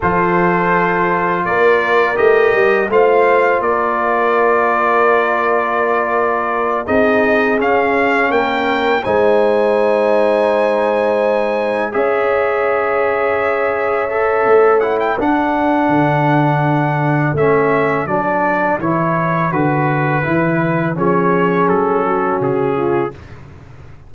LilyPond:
<<
  \new Staff \with { instrumentName = "trumpet" } { \time 4/4 \tempo 4 = 83 c''2 d''4 dis''4 | f''4 d''2.~ | d''4. dis''4 f''4 g''8~ | g''8 gis''2.~ gis''8~ |
gis''8 e''2.~ e''8~ | e''8 fis''16 g''16 fis''2. | e''4 d''4 cis''4 b'4~ | b'4 cis''4 a'4 gis'4 | }
  \new Staff \with { instrumentName = "horn" } { \time 4/4 a'2 ais'2 | c''4 ais'2.~ | ais'4. gis'2 ais'8~ | ais'8 c''2.~ c''8~ |
c''8 cis''2.~ cis''8~ | cis''4 a'2.~ | a'1~ | a'4 gis'4. fis'4 f'8 | }
  \new Staff \with { instrumentName = "trombone" } { \time 4/4 f'2. g'4 | f'1~ | f'4. dis'4 cis'4.~ | cis'8 dis'2.~ dis'8~ |
dis'8 gis'2. a'8~ | a'8 e'8 d'2. | cis'4 d'4 e'4 fis'4 | e'4 cis'2. | }
  \new Staff \with { instrumentName = "tuba" } { \time 4/4 f2 ais4 a8 g8 | a4 ais2.~ | ais4. c'4 cis'4 ais8~ | ais8 gis2.~ gis8~ |
gis8 cis'2.~ cis'8 | a4 d'4 d2 | a4 fis4 e4 d4 | e4 f4 fis4 cis4 | }
>>